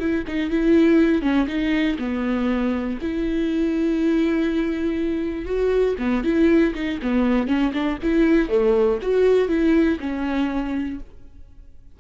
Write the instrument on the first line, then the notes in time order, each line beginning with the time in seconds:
viola
0.00 E4
0.28 D#4
0.50 E4
1.22 C#4
1.47 D#4
1.99 B3
3.02 E4
5.46 F#4
5.99 B3
6.24 E4
6.75 D#4
7.02 B3
7.48 C#4
7.74 D4
8.03 E4
8.49 A3
9.02 F#4
9.48 E4
10.00 C#4